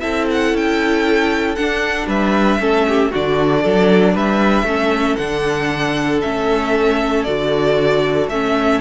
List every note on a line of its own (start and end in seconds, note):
0.00 0.54 C4
0.00 1.56 E4
0.00 2.08 A4
0.00 0.26 E5
0.31 0.56 F#5
0.54 1.57 C#4
0.54 1.55 G5
1.55 2.60 D4
1.55 2.07 D4
1.55 2.07 F#5
2.07 2.59 G3
2.07 2.60 B4
2.07 3.13 E5
2.59 3.11 A3
2.59 3.11 C#4
2.59 2.87 A4
2.88 3.12 G4
3.12 3.65 D3
3.12 4.67 D4
3.12 3.63 F#4
3.12 4.16 D5
3.63 4.15 F#3
3.63 4.14 A4
4.14 4.64 G3
4.14 4.66 B4
4.14 5.16 E5
4.64 5.16 A3
4.64 5.19 C#4
4.64 8.81 A4
5.16 6.23 D3
5.16 6.23 D4
5.16 6.20 F#5
6.21 7.27 A3
6.21 7.27 C#4
6.21 7.24 E5
7.24 8.28 D3
7.24 8.30 F#4
7.24 8.27 D5
8.28 8.80 A3
8.28 8.81 C#4
8.28 8.81 E5